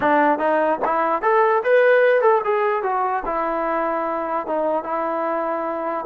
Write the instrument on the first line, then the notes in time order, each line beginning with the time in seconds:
trombone
0.00 D4
0.38 D#4
0.84 E4
1.22 A4
1.63 B4
2.21 A4
2.44 G#4
2.82 F#4
3.25 E4
4.46 D#4
4.83 E4